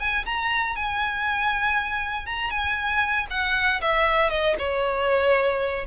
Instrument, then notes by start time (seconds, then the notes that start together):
violin
0.00 G#5
0.26 A#5
0.76 G#5
2.27 A#5
2.51 G#5
3.31 F#5
3.82 E5
4.30 D#5
4.59 C#5